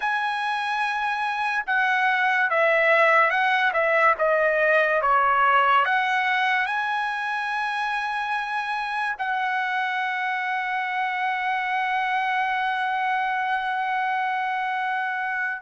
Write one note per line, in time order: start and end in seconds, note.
0.00 1.64 G#5
1.66 2.50 F#5
2.50 3.30 E5
3.30 3.72 F#5
3.73 4.14 E5
4.18 5.02 D#5
5.02 5.85 C#5
5.85 6.66 F#5
6.66 9.16 G#5
9.18 15.61 F#5